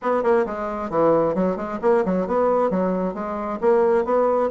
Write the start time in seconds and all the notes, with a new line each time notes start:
0.02 B3
0.23 A#3
0.46 G#3
0.90 E3
1.34 F#3
1.56 G#3
1.81 A#3
2.05 F#3
2.26 B3
2.70 F#3
3.14 G#3
3.60 A#3
4.05 B3